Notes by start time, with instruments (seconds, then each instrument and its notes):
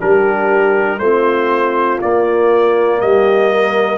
0.00 tuba G3, trombone D4, horn G4, trumpet A#4
0.99 tuba A3, trombone C4, horn F4, trumpet C5
2.01 trombone A#3, tuba A#3, trumpet D5
3.01 tuba G3, horn G4, trumpet D#5
3.51 horn A#4